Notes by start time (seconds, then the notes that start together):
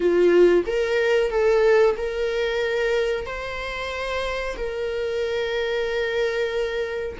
0.00 F4
0.66 A#4
1.30 A4
1.96 A#4
3.25 C5
4.57 A#4